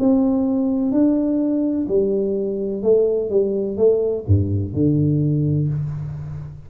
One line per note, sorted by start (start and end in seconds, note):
0.00 0.92 C4
0.92 1.87 D4
1.88 2.83 G3
2.83 3.30 A3
3.30 3.77 G3
3.77 4.25 A3
4.27 4.74 G2
4.74 5.69 D3